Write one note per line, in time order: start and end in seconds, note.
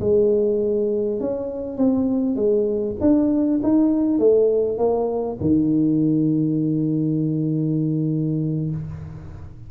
0.00 1.20 G#3
1.20 1.77 C#4
1.77 2.36 C4
2.36 2.96 G#3
3.01 3.61 D4
3.63 4.19 D#4
4.19 4.78 A3
4.78 5.38 A#3
5.41 8.71 D#3